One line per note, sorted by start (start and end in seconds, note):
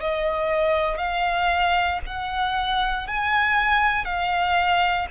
0.00 0.98 D#5
0.98 2.00 F5
2.06 3.07 F#5
3.07 4.05 G#5
4.05 5.07 F5